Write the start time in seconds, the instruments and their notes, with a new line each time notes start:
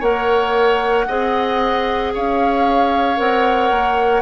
0.00 bassoon A#3, clarinet A#4, oboe C#5, flute F#5
1.07 bassoon C4, clarinet G#4, oboe D#5
2.14 bassoon C#4, oboe C#5, flute F5
3.16 bassoon C4, clarinet A#4, flute F#5
3.70 bassoon A#3